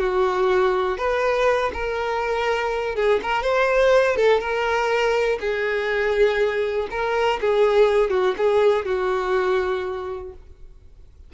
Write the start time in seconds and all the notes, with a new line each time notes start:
0.00 F#4
0.98 B4
1.74 A#4
2.96 G#4
3.23 A#4
3.43 C5
4.17 A4
4.41 A#4
5.41 G#4
6.91 A#4
7.41 G#4
8.11 F#4
8.38 G#4
8.86 F#4